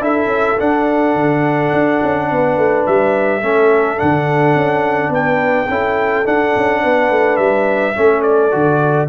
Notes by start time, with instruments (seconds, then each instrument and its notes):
0.00 tuba D4, trombone E4, horn A4, trumpet E5
0.26 tuba C#4
0.58 trombone D4, tuba D4, trumpet F#5
1.15 tuba D3
1.73 tuba D4
2.03 tuba C#4
2.31 tuba B3, horn B4
2.57 tuba A3
2.86 tuba G3, trumpet E5
3.42 tuba A3, trombone C#4, horn A4
3.97 tuba D3, trombone D4, trumpet F#5
4.55 tuba C#4
5.09 tuba B3, horn B4, trumpet G5
5.69 tuba C#4, trombone E4, horn A4
6.24 trombone D4, tuba D4, trumpet F#5
6.56 tuba C#4
6.82 tuba B3, horn B4
7.10 tuba A3
7.36 tuba G3, trumpet E5
7.94 tuba A3, trombone C#4, horn A4
8.22 trumpet D5
8.51 tuba D3, trombone F#4